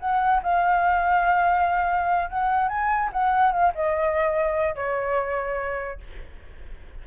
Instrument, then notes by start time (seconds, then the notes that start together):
flute
0.00 F#5
0.43 F5
2.30 F#5
2.68 G#5
3.12 F#5
3.52 F5
3.75 D#5
4.75 C#5